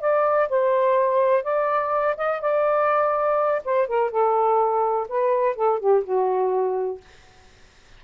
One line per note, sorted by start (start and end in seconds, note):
0.00 0.48 D5
0.48 1.43 C5
1.43 2.16 D5
2.16 2.41 D#5
2.41 3.62 D5
3.64 3.87 C5
3.87 4.10 A#4
4.10 5.07 A4
5.08 5.55 B4
5.55 5.79 A4
5.79 6.03 G4
6.03 7.00 F#4